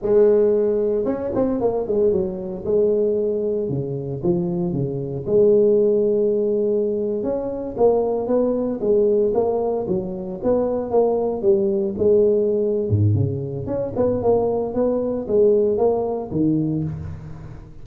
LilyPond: \new Staff \with { instrumentName = "tuba" } { \time 4/4 \tempo 4 = 114 gis2 cis'8 c'8 ais8 gis8 | fis4 gis2 cis4 | f4 cis4 gis2~ | gis4.~ gis16 cis'4 ais4 b16~ |
b8. gis4 ais4 fis4 b16~ | b8. ais4 g4 gis4~ gis16~ | gis8 gis,8 cis4 cis'8 b8 ais4 | b4 gis4 ais4 dis4 | }